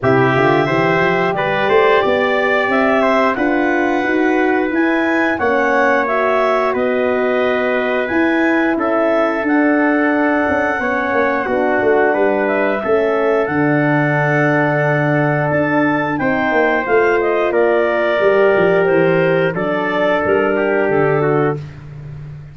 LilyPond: <<
  \new Staff \with { instrumentName = "clarinet" } { \time 4/4 \tempo 4 = 89 e''2 d''2 | e''4 fis''2 gis''4 | fis''4 e''4 dis''2 | gis''4 e''4 fis''2~ |
fis''2~ fis''8 e''4. | fis''2. a''4 | g''4 f''8 dis''8 d''2 | c''4 d''4 ais'4 a'4 | }
  \new Staff \with { instrumentName = "trumpet" } { \time 4/4 g'4 c''4 b'8 c''8 d''4~ | d''8 c''8 b'2. | cis''2 b'2~ | b'4 a'2. |
cis''4 fis'4 b'4 a'4~ | a'1 | c''2 ais'2~ | ais'4 a'4. g'4 fis'8 | }
  \new Staff \with { instrumentName = "horn" } { \time 4/4 e'8 f'8 g'2.~ | g'4 f'4 fis'4 e'4 | cis'4 fis'2. | e'2 d'2 |
cis'4 d'2 cis'4 | d'1 | dis'4 f'2 g'4~ | g'4 d'2. | }
  \new Staff \with { instrumentName = "tuba" } { \time 4/4 c8 d8 e8 f8 g8 a8 b4 | c'4 d'4 dis'4 e'4 | ais2 b2 | e'4 cis'4 d'4. cis'8 |
b8 ais8 b8 a8 g4 a4 | d2. d'4 | c'8 ais8 a4 ais4 g8 f8 | e4 fis4 g4 d4 | }
>>